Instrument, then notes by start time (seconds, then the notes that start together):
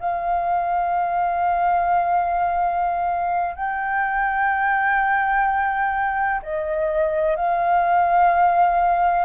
flute
0.00 F5
3.56 G5
6.43 D#5
7.36 F5